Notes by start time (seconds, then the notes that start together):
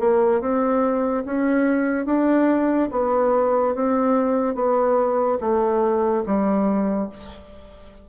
0.00 A#3
0.41 C4
1.25 C#4
2.06 D4
2.91 B3
3.75 C4
4.55 B3
5.41 A3
6.26 G3